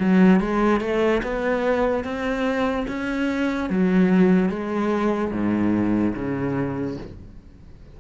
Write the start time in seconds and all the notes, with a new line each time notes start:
0.00 F#3
0.40 G#3
0.81 A3
1.23 B3
2.04 C4
2.88 C#4
3.69 F#3
4.49 G#3
5.31 G#2
6.15 C#3